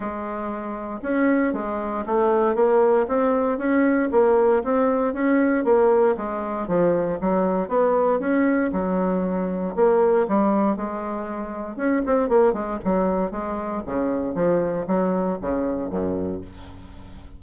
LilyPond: \new Staff \with { instrumentName = "bassoon" } { \time 4/4 \tempo 4 = 117 gis2 cis'4 gis4 | a4 ais4 c'4 cis'4 | ais4 c'4 cis'4 ais4 | gis4 f4 fis4 b4 |
cis'4 fis2 ais4 | g4 gis2 cis'8 c'8 | ais8 gis8 fis4 gis4 cis4 | f4 fis4 cis4 fis,4 | }